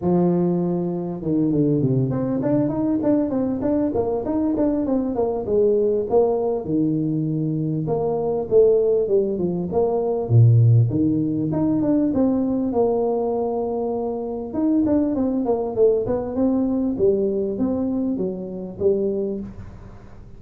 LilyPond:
\new Staff \with { instrumentName = "tuba" } { \time 4/4 \tempo 4 = 99 f2 dis8 d8 c8 c'8 | d'8 dis'8 d'8 c'8 d'8 ais8 dis'8 d'8 | c'8 ais8 gis4 ais4 dis4~ | dis4 ais4 a4 g8 f8 |
ais4 ais,4 dis4 dis'8 d'8 | c'4 ais2. | dis'8 d'8 c'8 ais8 a8 b8 c'4 | g4 c'4 fis4 g4 | }